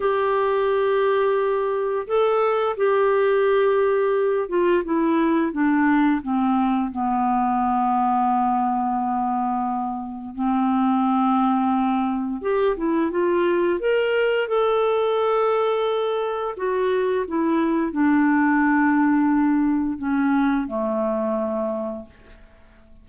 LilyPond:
\new Staff \with { instrumentName = "clarinet" } { \time 4/4 \tempo 4 = 87 g'2. a'4 | g'2~ g'8 f'8 e'4 | d'4 c'4 b2~ | b2. c'4~ |
c'2 g'8 e'8 f'4 | ais'4 a'2. | fis'4 e'4 d'2~ | d'4 cis'4 a2 | }